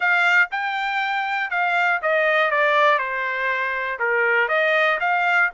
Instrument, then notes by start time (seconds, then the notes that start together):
trumpet
0.00 F5
0.51 G5
1.50 F5
2.02 D#5
2.50 D5
2.98 C5
3.99 A#4
4.48 D#5
5.00 F5